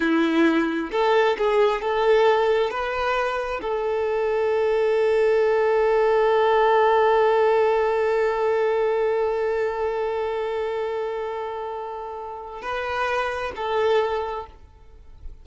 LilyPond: \new Staff \with { instrumentName = "violin" } { \time 4/4 \tempo 4 = 133 e'2 a'4 gis'4 | a'2 b'2 | a'1~ | a'1~ |
a'1~ | a'1~ | a'1 | b'2 a'2 | }